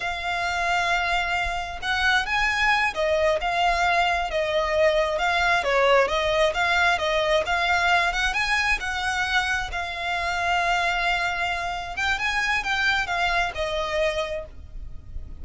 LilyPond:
\new Staff \with { instrumentName = "violin" } { \time 4/4 \tempo 4 = 133 f''1 | fis''4 gis''4. dis''4 f''8~ | f''4. dis''2 f''8~ | f''8 cis''4 dis''4 f''4 dis''8~ |
dis''8 f''4. fis''8 gis''4 fis''8~ | fis''4. f''2~ f''8~ | f''2~ f''8 g''8 gis''4 | g''4 f''4 dis''2 | }